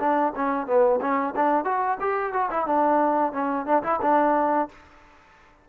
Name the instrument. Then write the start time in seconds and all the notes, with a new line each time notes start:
trombone
0.00 D4
0.36 C#4
0.67 B3
1.01 C#4
1.36 D4
1.65 F#4
2.01 G4
2.33 F#4
2.51 E4
2.66 D4
3.33 C#4
3.66 D4
3.83 E4
4.02 D4